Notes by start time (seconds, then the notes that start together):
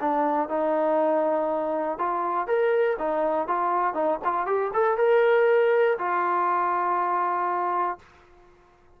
0.00 D4
0.48 D#4
1.98 F4
2.47 A#4
2.98 D#4
3.47 F4
3.94 D#4
4.24 F4
4.46 G4
4.73 A4
4.97 A#4
5.98 F4